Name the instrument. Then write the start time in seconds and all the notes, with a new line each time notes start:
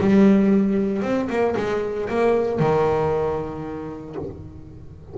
double bass
0.00 G3
1.02 C4
1.30 A#3
1.57 G#3
2.10 A#3
2.60 D#3